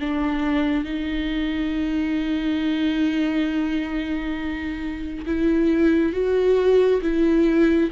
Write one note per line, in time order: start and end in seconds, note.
0.00 0.85 D4
0.85 5.26 D#4
5.27 6.13 E4
6.13 7.01 F#4
7.02 7.91 E4